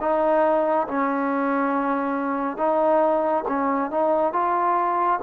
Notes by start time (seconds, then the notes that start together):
0.00 D#4
0.87 C#4
2.57 D#4
3.48 C#4
3.91 D#4
4.32 F4